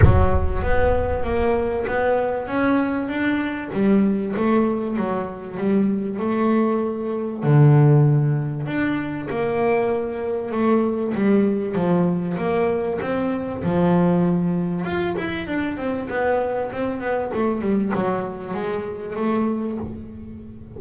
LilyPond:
\new Staff \with { instrumentName = "double bass" } { \time 4/4 \tempo 4 = 97 fis4 b4 ais4 b4 | cis'4 d'4 g4 a4 | fis4 g4 a2 | d2 d'4 ais4~ |
ais4 a4 g4 f4 | ais4 c'4 f2 | f'8 e'8 d'8 c'8 b4 c'8 b8 | a8 g8 fis4 gis4 a4 | }